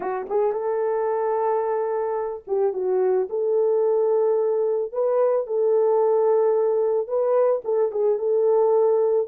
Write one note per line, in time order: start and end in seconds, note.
0.00 0.26 F#4
0.29 0.52 G#4
0.52 2.43 A4
2.47 2.73 G4
2.73 3.28 F#4
3.29 4.92 A4
4.92 5.47 B4
5.47 7.07 A4
7.07 7.62 B4
7.64 7.91 A4
7.91 8.18 G#4
8.18 9.27 A4